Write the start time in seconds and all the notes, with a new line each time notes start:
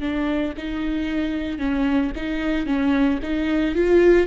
0.00 D4
0.57 D#4
1.59 C#4
2.16 D#4
2.66 C#4
3.23 D#4
3.75 F4